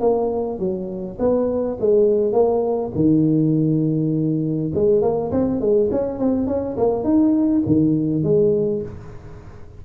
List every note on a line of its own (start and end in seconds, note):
0.00 0.59 A#3
0.59 1.17 F#3
1.19 1.78 B3
1.80 2.32 G#3
2.32 2.91 A#3
2.95 4.71 D#3
4.74 5.01 G#3
5.01 5.31 A#3
5.31 5.60 C4
5.60 5.90 G#3
5.91 6.19 C#4
6.19 6.47 C4
6.47 6.76 C#4
6.76 7.03 A#3
7.03 7.62 D#4
7.66 8.23 D#3
8.23 8.82 G#3